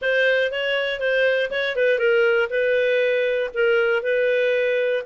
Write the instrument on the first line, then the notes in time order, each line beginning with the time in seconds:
clarinet
0.01 C5
0.51 C#5
1.00 C5
1.50 C#5
1.75 B4
1.98 A#4
2.50 B4
3.54 A#4
4.02 B4